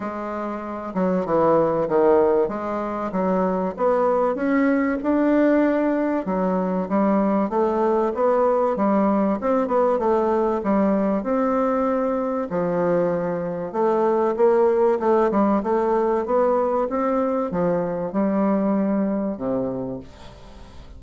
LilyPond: \new Staff \with { instrumentName = "bassoon" } { \time 4/4 \tempo 4 = 96 gis4. fis8 e4 dis4 | gis4 fis4 b4 cis'4 | d'2 fis4 g4 | a4 b4 g4 c'8 b8 |
a4 g4 c'2 | f2 a4 ais4 | a8 g8 a4 b4 c'4 | f4 g2 c4 | }